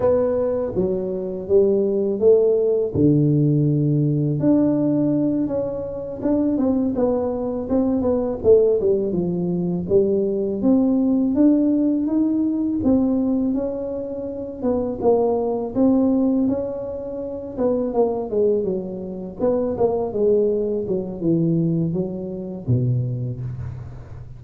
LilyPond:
\new Staff \with { instrumentName = "tuba" } { \time 4/4 \tempo 4 = 82 b4 fis4 g4 a4 | d2 d'4. cis'8~ | cis'8 d'8 c'8 b4 c'8 b8 a8 | g8 f4 g4 c'4 d'8~ |
d'8 dis'4 c'4 cis'4. | b8 ais4 c'4 cis'4. | b8 ais8 gis8 fis4 b8 ais8 gis8~ | gis8 fis8 e4 fis4 b,4 | }